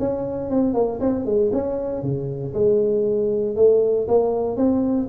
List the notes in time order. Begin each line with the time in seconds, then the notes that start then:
0.00 C#4
0.51 C4
0.74 A#3
1.00 C4
1.26 G#3
1.53 C#4
2.03 C#3
2.54 G#3
3.56 A3
4.08 A#3
4.57 C4